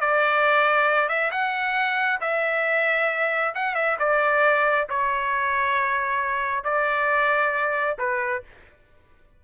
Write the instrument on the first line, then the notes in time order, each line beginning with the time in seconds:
trumpet
0.00 D5
1.08 E5
1.31 F#5
2.21 E5
3.55 F#5
3.74 E5
3.99 D5
4.89 C#5
6.64 D5
7.98 B4